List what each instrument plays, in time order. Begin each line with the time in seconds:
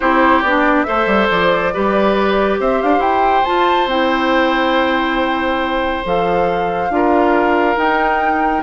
0.00 bassoon C4, clarinet E4, oboe G4, flute C5
0.42 bassoon B3, clarinet D4, flute D5
0.83 bassoon A3, clarinet A4, oboe C5, flute E5
1.06 bassoon G3
1.30 bassoon F3, flute D5
1.73 bassoon G3, clarinet G4, oboe B4
2.59 bassoon C4, oboe C5, flute E5
2.81 bassoon D4, flute F5
2.98 bassoon E4, flute G5
3.44 clarinet F4, bassoon F4, flute A5
3.86 bassoon C4, clarinet E4, flute G5
6.04 bassoon F3, clarinet A4, flute F5
6.89 bassoon D4, clarinet F4, oboe A#4
7.75 clarinet D#4, bassoon D#4, flute G5